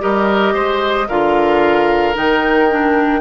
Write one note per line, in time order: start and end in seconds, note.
0.00 0.54 G3
0.00 1.07 G4
0.00 0.54 A#4
0.00 1.08 D#5
0.54 1.08 G#3
0.54 1.08 C5
1.08 2.16 D3
1.08 2.14 F4
1.08 3.21 A#4
1.08 2.15 F5
2.14 3.21 D#3
2.14 2.68 D#4
2.14 3.21 G5
2.71 3.21 D4